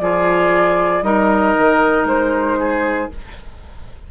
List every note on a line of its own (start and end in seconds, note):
0.00 1.02 F3
0.00 1.03 F4
0.00 1.04 G#4
0.00 1.03 D5
1.02 1.54 G3
1.02 3.10 D#4
1.02 2.59 A#4
1.02 2.06 D#5
1.57 2.04 D#3
2.04 3.08 G#3
2.04 3.11 C5
2.59 3.11 G#4